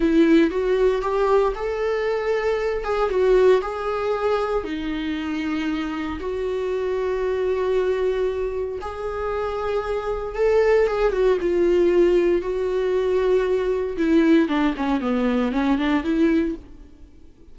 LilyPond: \new Staff \with { instrumentName = "viola" } { \time 4/4 \tempo 4 = 116 e'4 fis'4 g'4 a'4~ | a'4. gis'8 fis'4 gis'4~ | gis'4 dis'2. | fis'1~ |
fis'4 gis'2. | a'4 gis'8 fis'8 f'2 | fis'2. e'4 | d'8 cis'8 b4 cis'8 d'8 e'4 | }